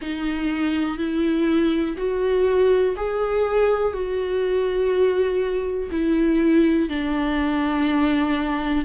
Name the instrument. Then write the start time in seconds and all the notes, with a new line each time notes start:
viola
0.01 D#4
0.97 E4
1.97 F#4
2.96 G#4
3.93 F#4
5.91 E4
6.89 D4